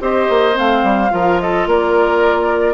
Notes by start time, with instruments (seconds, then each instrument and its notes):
0.00 bassoon C4, clarinet G4, oboe C5, flute D#5
0.28 bassoon A#3
0.53 bassoon A3, clarinet C4, flute F5
0.83 bassoon G3
1.09 bassoon F3, clarinet F4, oboe A#4
1.40 oboe A4, flute D#5
1.66 bassoon A#3, oboe A#4, flute D5